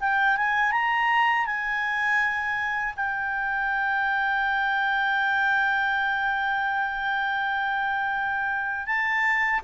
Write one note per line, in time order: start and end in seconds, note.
0.00 0.37 G5
0.37 0.72 G#5
0.72 1.46 A#5
1.46 2.94 G#5
2.96 8.86 G5
8.86 9.60 A5